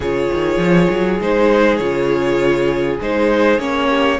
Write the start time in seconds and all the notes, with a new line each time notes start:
0.00 C#3 F4 G#4 C#5
0.32 D#3
0.57 F3
0.90 F#3
1.20 G#3 D#4 C5
1.77 C#3 F4 C#5
3.00 G#3 D#4 C5
3.58 A#3 C#4 C#5
3.88 G4